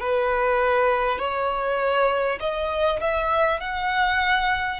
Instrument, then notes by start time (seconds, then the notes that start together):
violin
0.00 B4
1.18 C#5
2.40 D#5
3.00 E5
3.60 F#5